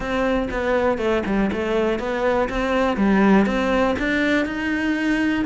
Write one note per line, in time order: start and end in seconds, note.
0.00 0.48 C4
0.50 0.98 B3
0.98 1.22 A3
1.26 1.51 G3
1.52 1.99 A3
1.99 2.48 B3
2.49 2.96 C4
2.96 3.46 G3
3.46 3.95 C4
3.98 4.45 D4
4.45 5.44 D#4